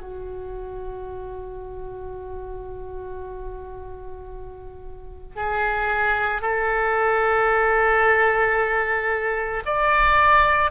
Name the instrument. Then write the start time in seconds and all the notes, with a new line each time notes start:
oboe
0.00 F#4
5.36 G#4
6.41 A4
9.65 D5